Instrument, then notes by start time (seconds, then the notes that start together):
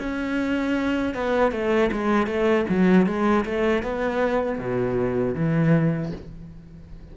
cello
0.00 C#4
1.15 B3
1.52 A3
1.93 G#3
2.27 A3
2.70 F#3
3.07 G#3
3.46 A3
3.83 B3
4.59 B2
5.35 E3